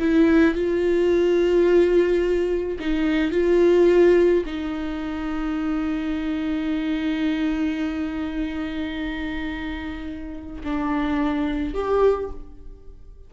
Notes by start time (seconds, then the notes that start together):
0.00 E4
0.55 F4
2.80 D#4
3.32 F4
4.46 D#4
10.64 D4
11.75 G4